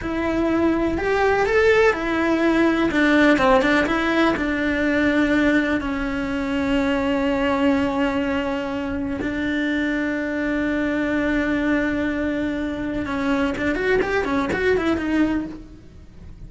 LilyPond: \new Staff \with { instrumentName = "cello" } { \time 4/4 \tempo 4 = 124 e'2 g'4 a'4 | e'2 d'4 c'8 d'8 | e'4 d'2. | cis'1~ |
cis'2. d'4~ | d'1~ | d'2. cis'4 | d'8 fis'8 g'8 cis'8 fis'8 e'8 dis'4 | }